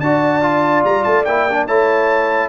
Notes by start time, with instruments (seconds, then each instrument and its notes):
0.00 tuba D4, trombone F#4, horn D5, trumpet A5
0.42 trombone F4
0.84 tuba G3, trumpet A#5
1.04 tuba A3, trumpet A5
1.25 tuba A#3, trombone E4, trumpet G5
1.49 trombone D4
1.66 tuba A3, trombone E4, horn C#5, trumpet A5